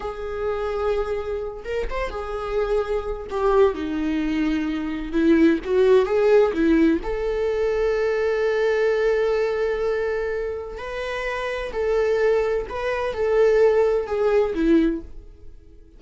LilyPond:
\new Staff \with { instrumentName = "viola" } { \time 4/4 \tempo 4 = 128 gis'2.~ gis'8 ais'8 | c''8 gis'2~ gis'8 g'4 | dis'2. e'4 | fis'4 gis'4 e'4 a'4~ |
a'1~ | a'2. b'4~ | b'4 a'2 b'4 | a'2 gis'4 e'4 | }